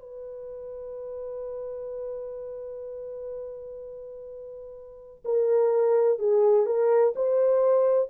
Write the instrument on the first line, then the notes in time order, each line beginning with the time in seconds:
horn
0.00 B4
5.25 A#4
6.19 G#4
6.66 A#4
7.16 C5